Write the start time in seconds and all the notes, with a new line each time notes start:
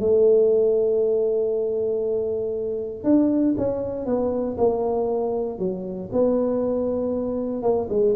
0.00 A3
3.04 D4
3.58 C#4
4.06 B3
4.58 A#3
5.59 F#3
6.13 B3
7.63 A#3
7.90 G#3